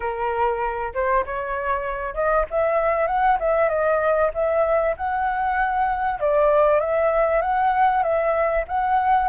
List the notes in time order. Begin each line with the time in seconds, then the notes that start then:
0.00 A#4
0.93 C5
1.25 C#5
2.14 D#5
2.50 E5
3.07 F#5
3.39 E5
3.69 D#5
4.34 E5
4.97 F#5
6.20 D5
6.80 E5
7.41 F#5
8.02 E5
8.68 F#5